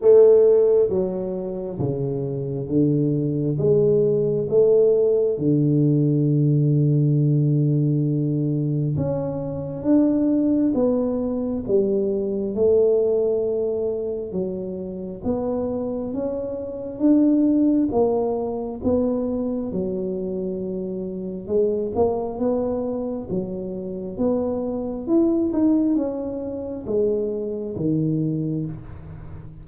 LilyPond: \new Staff \with { instrumentName = "tuba" } { \time 4/4 \tempo 4 = 67 a4 fis4 cis4 d4 | gis4 a4 d2~ | d2 cis'4 d'4 | b4 g4 a2 |
fis4 b4 cis'4 d'4 | ais4 b4 fis2 | gis8 ais8 b4 fis4 b4 | e'8 dis'8 cis'4 gis4 dis4 | }